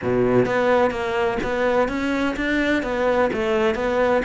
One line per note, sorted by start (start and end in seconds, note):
0.02 0.45 B2
0.45 0.90 B3
0.90 1.38 A#3
1.43 1.88 B3
1.88 2.35 C#4
2.36 2.83 D4
2.83 3.30 B3
3.33 3.75 A3
3.75 4.22 B3